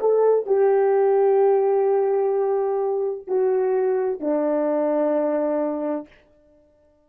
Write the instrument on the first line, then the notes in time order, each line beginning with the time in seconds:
horn
0.00 A4
0.46 G4
3.27 F#4
4.20 D4